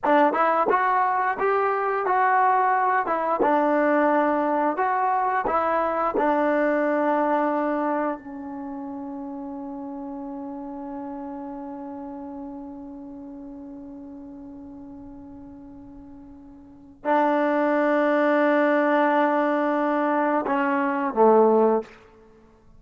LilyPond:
\new Staff \with { instrumentName = "trombone" } { \time 4/4 \tempo 4 = 88 d'8 e'8 fis'4 g'4 fis'4~ | fis'8 e'8 d'2 fis'4 | e'4 d'2. | cis'1~ |
cis'1~ | cis'1~ | cis'4 d'2.~ | d'2 cis'4 a4 | }